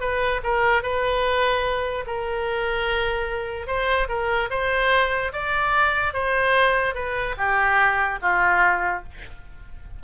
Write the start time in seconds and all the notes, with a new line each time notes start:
0.00 B4
0.43 A#4
0.82 B4
2.06 A#4
3.67 C5
4.09 A#4
4.50 C5
5.32 D5
6.13 C5
6.94 B4
7.37 G4
8.22 F4